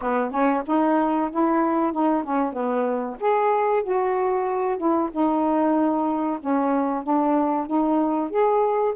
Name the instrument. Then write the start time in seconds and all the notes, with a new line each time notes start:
saxophone
0.01 B3
0.30 C#4
0.66 D#4
1.31 E4
1.92 D#4
2.23 C#4
2.52 B3
3.20 G#4
3.83 F#4
4.77 E4
5.11 D#4
6.40 C#4
7.03 D4
7.67 D#4
8.30 G#4